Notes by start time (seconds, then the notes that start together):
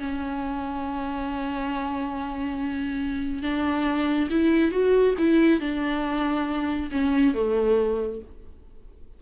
0.00 C#4
3.43 D4
4.31 E4
4.72 F#4
5.19 E4
5.61 D4
6.92 C#4
7.35 A3